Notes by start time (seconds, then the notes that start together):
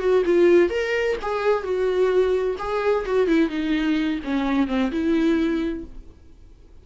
0.00 F#4
0.26 F4
0.70 A#4
1.22 G#4
1.63 F#4
2.59 G#4
3.05 F#4
3.28 E4
3.50 D#4
4.24 C#4
4.68 C4
4.92 E4